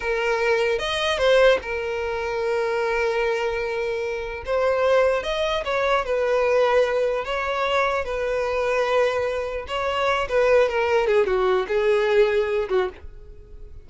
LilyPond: \new Staff \with { instrumentName = "violin" } { \time 4/4 \tempo 4 = 149 ais'2 dis''4 c''4 | ais'1~ | ais'2. c''4~ | c''4 dis''4 cis''4 b'4~ |
b'2 cis''2 | b'1 | cis''4. b'4 ais'4 gis'8 | fis'4 gis'2~ gis'8 fis'8 | }